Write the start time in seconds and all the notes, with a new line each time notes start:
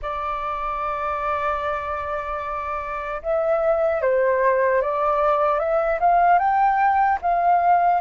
0.02 D5
3.22 E5
4.01 C5
4.81 D5
5.59 E5
6.00 F5
6.39 G5
7.21 F5